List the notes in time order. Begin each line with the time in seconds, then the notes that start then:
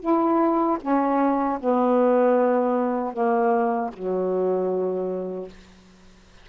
0.00 E4
0.81 C#4
1.60 B3
3.13 A#3
3.93 F#3